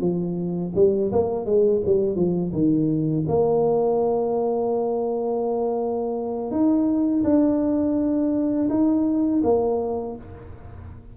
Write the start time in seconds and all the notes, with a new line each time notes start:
0.00 F3
0.75 G3
1.12 A#3
1.45 G#3
1.86 G3
2.16 F3
2.52 D#3
3.28 A#3
6.51 D#4
7.24 D4
8.69 D#4
9.43 A#3